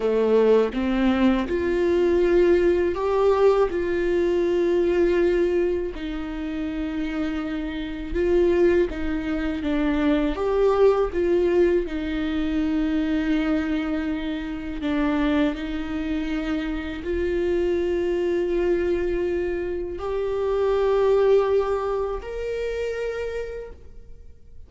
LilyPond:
\new Staff \with { instrumentName = "viola" } { \time 4/4 \tempo 4 = 81 a4 c'4 f'2 | g'4 f'2. | dis'2. f'4 | dis'4 d'4 g'4 f'4 |
dis'1 | d'4 dis'2 f'4~ | f'2. g'4~ | g'2 ais'2 | }